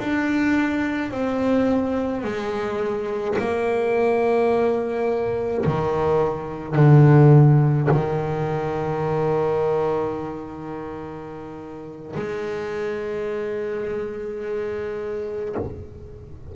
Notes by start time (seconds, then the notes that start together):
0.00 D4
1.11 C4
2.24 G#3
3.39 A#3
5.66 D#3
6.76 D3
7.91 D#3
12.16 G#3